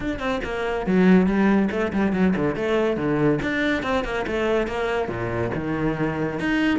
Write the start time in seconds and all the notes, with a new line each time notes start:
0.00 D4
0.19 C4
0.44 A#3
0.86 F#3
1.26 G3
1.71 A3
1.93 G3
2.12 F#3
2.35 D3
2.55 A3
2.97 D3
3.42 D4
3.83 C4
4.04 A#3
4.26 A3
4.67 A#3
5.08 A#2
5.54 D#3
6.39 D#4